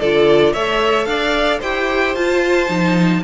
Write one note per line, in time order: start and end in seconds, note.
0.00 0.54 D3
0.00 0.56 F4
0.00 0.53 A4
0.00 0.53 D5
0.53 1.06 A3
0.53 1.63 A4
0.53 1.07 C#5
0.53 1.05 E5
1.05 1.60 D4
1.05 1.60 D5
1.05 1.59 F5
1.60 2.15 E4
1.60 2.17 G4
1.60 3.22 C5
1.60 2.15 G5
2.15 2.69 F4
2.15 2.68 F4
2.15 3.23 A5
2.68 3.23 F3
2.68 3.22 D#4